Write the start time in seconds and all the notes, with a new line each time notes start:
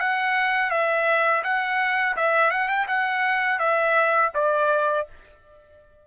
0.00 F#5
0.71 E5
1.44 F#5
2.17 E5
2.51 F#5
2.69 G5
2.88 F#5
3.60 E5
4.35 D5